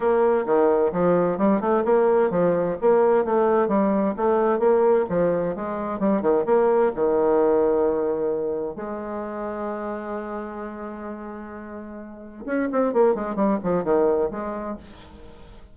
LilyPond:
\new Staff \with { instrumentName = "bassoon" } { \time 4/4 \tempo 4 = 130 ais4 dis4 f4 g8 a8 | ais4 f4 ais4 a4 | g4 a4 ais4 f4 | gis4 g8 dis8 ais4 dis4~ |
dis2. gis4~ | gis1~ | gis2. cis'8 c'8 | ais8 gis8 g8 f8 dis4 gis4 | }